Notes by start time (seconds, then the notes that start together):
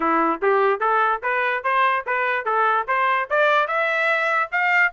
0.00 E4
0.41 G4
0.79 A4
1.22 B4
1.63 C5
2.06 B4
2.45 A4
2.87 C5
3.30 D5
3.67 E5
4.51 F5